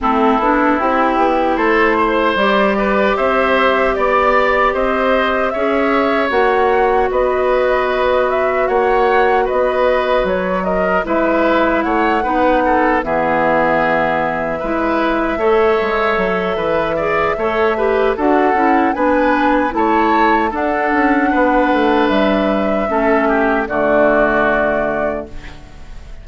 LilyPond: <<
  \new Staff \with { instrumentName = "flute" } { \time 4/4 \tempo 4 = 76 a'4 g'4 c''4 d''4 | e''4 d''4 dis''4 e''4 | fis''4 dis''4. e''8 fis''4 | dis''4 cis''8 dis''8 e''4 fis''4~ |
fis''8 e''2.~ e''8~ | e''2. fis''4 | gis''4 a''4 fis''2 | e''2 d''2 | }
  \new Staff \with { instrumentName = "oboe" } { \time 4/4 e'2 a'8 c''4 b'8 | c''4 d''4 c''4 cis''4~ | cis''4 b'2 cis''4 | b'4. ais'8 b'4 cis''8 b'8 |
a'8 gis'2 b'4 cis''8~ | cis''4 b'8 d''8 cis''8 b'8 a'4 | b'4 cis''4 a'4 b'4~ | b'4 a'8 g'8 fis'2 | }
  \new Staff \with { instrumentName = "clarinet" } { \time 4/4 c'8 d'8 e'2 g'4~ | g'2. gis'4 | fis'1~ | fis'2 e'4. dis'8~ |
dis'8 b2 e'4 a'8~ | a'4. gis'8 a'8 g'8 fis'8 e'8 | d'4 e'4 d'2~ | d'4 cis'4 a2 | }
  \new Staff \with { instrumentName = "bassoon" } { \time 4/4 a8 b8 c'8 b8 a4 g4 | c'4 b4 c'4 cis'4 | ais4 b2 ais4 | b4 fis4 gis4 a8 b8~ |
b8 e2 gis4 a8 | gis8 fis8 e4 a4 d'8 cis'8 | b4 a4 d'8 cis'8 b8 a8 | g4 a4 d2 | }
>>